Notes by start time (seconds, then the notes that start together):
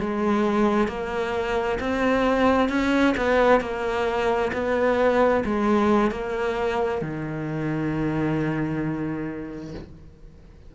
0.00 G#3
0.88 A#3
1.80 C4
2.69 C#4
3.17 B3
3.61 A#3
4.53 B3
5.45 G#3
6.11 A#3
7.02 D#3